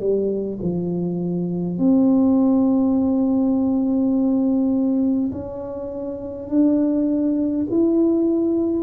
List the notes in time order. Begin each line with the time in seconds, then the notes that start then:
0.00 G3
0.62 F3
1.79 C4
5.32 C#4
6.49 D4
7.71 E4